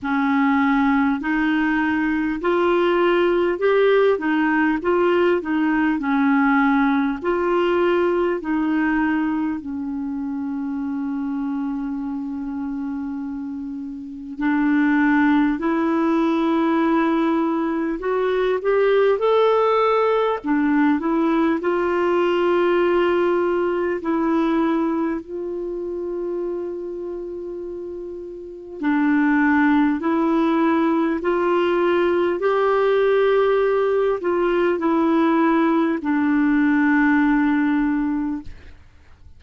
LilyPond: \new Staff \with { instrumentName = "clarinet" } { \time 4/4 \tempo 4 = 50 cis'4 dis'4 f'4 g'8 dis'8 | f'8 dis'8 cis'4 f'4 dis'4 | cis'1 | d'4 e'2 fis'8 g'8 |
a'4 d'8 e'8 f'2 | e'4 f'2. | d'4 e'4 f'4 g'4~ | g'8 f'8 e'4 d'2 | }